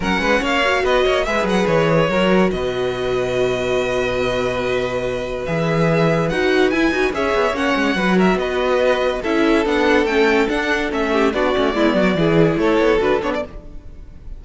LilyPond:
<<
  \new Staff \with { instrumentName = "violin" } { \time 4/4 \tempo 4 = 143 fis''4 f''4 dis''4 e''8 fis''8 | cis''2 dis''2~ | dis''1~ | dis''4 e''2 fis''4 |
gis''4 e''4 fis''4. e''8 | dis''2 e''4 fis''4 | g''4 fis''4 e''4 d''4~ | d''2 cis''4 b'8 cis''16 d''16 | }
  \new Staff \with { instrumentName = "violin" } { \time 4/4 ais'8 b'8 cis''4 b'8 cis''8 b'4~ | b'4 ais'4 b'2~ | b'1~ | b'1~ |
b'4 cis''2 b'8 ais'8 | b'2 a'2~ | a'2~ a'8 g'8 fis'4 | e'8 fis'8 gis'4 a'2 | }
  \new Staff \with { instrumentName = "viola" } { \time 4/4 cis'4. fis'4. gis'4~ | gis'4 fis'2.~ | fis'1~ | fis'4 gis'2 fis'4 |
e'8 fis'8 gis'4 cis'4 fis'4~ | fis'2 e'4 d'4 | cis'4 d'4 cis'4 d'8 cis'8 | b4 e'2 fis'8 d'8 | }
  \new Staff \with { instrumentName = "cello" } { \time 4/4 fis8 gis8 ais4 b8 ais8 gis8 fis8 | e4 fis4 b,2~ | b,1~ | b,4 e2 dis'4 |
e'8 dis'8 cis'8 b8 ais8 gis8 fis4 | b2 cis'4 b4 | a4 d'4 a4 b8 a8 | gis8 fis8 e4 a8 b8 d'8 b8 | }
>>